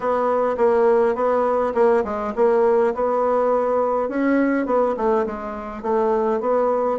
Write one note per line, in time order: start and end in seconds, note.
0.00 0.56 B3
0.57 1.15 A#3
1.15 1.73 B3
1.74 2.03 A#3
2.04 2.33 G#3
2.35 2.93 A#3
2.94 4.08 B3
4.08 4.66 C#4
4.66 4.95 B3
4.96 5.25 A3
5.26 5.82 G#3
5.82 6.40 A3
6.40 6.98 B3